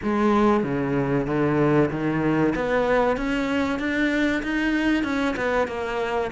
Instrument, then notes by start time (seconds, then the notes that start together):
cello
0.02 G#3
0.63 C#3
1.26 D3
1.90 D#3
2.55 B3
3.16 C#4
3.79 D4
4.42 D#4
5.03 C#4
5.36 B3
5.67 A#3